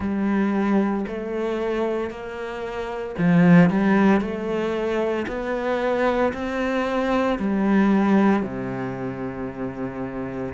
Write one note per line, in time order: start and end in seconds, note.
0.00 1.05 G3
1.07 2.10 A3
2.10 3.15 A#3
3.18 3.69 F3
3.69 4.21 G3
4.21 5.26 A3
5.27 6.33 B3
6.33 7.38 C4
7.38 8.43 G3
8.43 10.53 C3